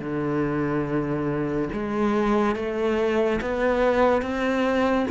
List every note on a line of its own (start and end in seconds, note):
0.00 1.69 D3
1.73 2.55 G#3
2.55 3.40 A3
3.41 4.22 B3
4.22 5.07 C4